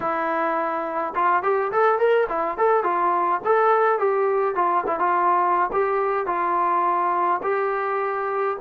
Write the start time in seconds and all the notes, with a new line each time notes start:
0.00 E4
1.15 F4
1.43 G4
1.72 A4
1.98 A#4
2.29 E4
2.57 A4
2.83 F4
3.44 A4
3.98 G4
4.55 F4
4.86 E4
4.99 F4
5.72 G4
6.26 F4
7.42 G4